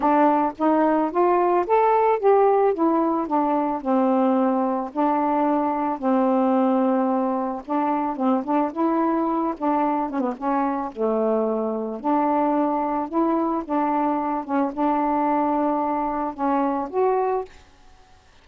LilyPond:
\new Staff \with { instrumentName = "saxophone" } { \time 4/4 \tempo 4 = 110 d'4 dis'4 f'4 a'4 | g'4 e'4 d'4 c'4~ | c'4 d'2 c'4~ | c'2 d'4 c'8 d'8 |
e'4. d'4 cis'16 b16 cis'4 | a2 d'2 | e'4 d'4. cis'8 d'4~ | d'2 cis'4 fis'4 | }